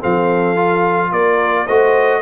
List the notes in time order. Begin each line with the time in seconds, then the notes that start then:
0.00 F3 C4 A4 F5
0.56 F4
1.12 A#3 A#4 D5
1.65 A3 F#4 C5 D#5